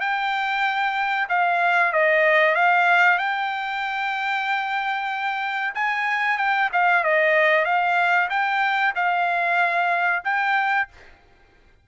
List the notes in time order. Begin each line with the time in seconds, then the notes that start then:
0.00 G5
1.29 F5
1.92 D#5
2.55 F5
3.18 G5
5.74 G#5
6.37 G5
6.72 F5
7.04 D#5
7.65 F5
8.30 G5
8.95 F5
10.24 G5